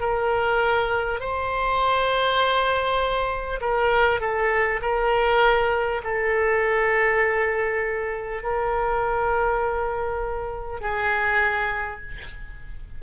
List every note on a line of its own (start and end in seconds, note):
0.00 1.20 A#4
1.21 3.61 C5
3.61 4.21 A#4
4.21 4.81 A4
4.82 6.02 A#4
6.04 8.43 A4
8.43 10.81 A#4
10.81 12.01 G#4